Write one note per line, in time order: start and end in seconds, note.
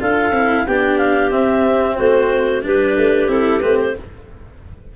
0.00 0.31 D4
0.00 0.33 F4
0.00 0.66 A4
0.00 0.67 F5
0.31 0.64 C4
0.31 0.67 E4
0.67 1.32 B3
0.67 1.30 D4
0.67 1.96 G4
0.67 0.98 G5
0.98 1.31 F5
1.30 2.62 C4
1.30 1.98 C4
1.30 1.96 E5
1.96 2.64 A3
1.96 2.62 F#4
1.96 2.62 C5
2.62 2.97 G3
2.62 3.28 D4
2.62 3.96 G4
2.62 3.30 B4
2.97 3.28 A3
3.28 3.61 C4
3.28 3.61 E4
3.28 3.61 A4
3.61 3.96 A3
3.61 3.95 C4
3.61 3.77 B4
3.80 3.96 C5